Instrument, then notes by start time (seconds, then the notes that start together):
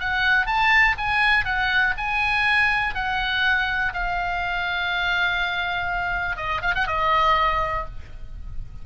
oboe
0.00 F#5
0.47 A5
0.98 G#5
1.45 F#5
1.98 G#5
2.95 F#5
3.94 F5
6.37 D#5
6.62 F5
6.75 F#5
6.87 D#5